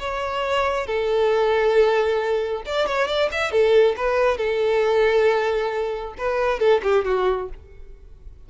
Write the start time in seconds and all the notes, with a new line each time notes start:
0.00 C#5
0.87 A4
2.66 D5
2.87 C#5
3.08 D5
3.32 E5
3.52 A4
3.97 B4
4.38 A4
6.18 B4
6.60 A4
6.83 G4
7.05 F#4